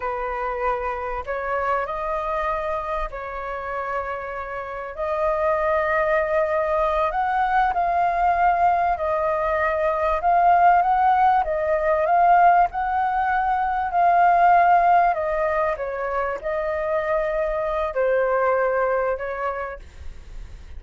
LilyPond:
\new Staff \with { instrumentName = "flute" } { \time 4/4 \tempo 4 = 97 b'2 cis''4 dis''4~ | dis''4 cis''2. | dis''2.~ dis''8 fis''8~ | fis''8 f''2 dis''4.~ |
dis''8 f''4 fis''4 dis''4 f''8~ | f''8 fis''2 f''4.~ | f''8 dis''4 cis''4 dis''4.~ | dis''4 c''2 cis''4 | }